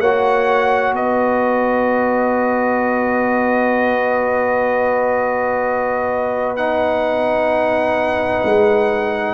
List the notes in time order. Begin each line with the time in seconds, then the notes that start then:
0.00 A#3 F#4 C#5 F#5
0.93 B3 B4 D#5
6.57 D#4 F#5
8.45 G#3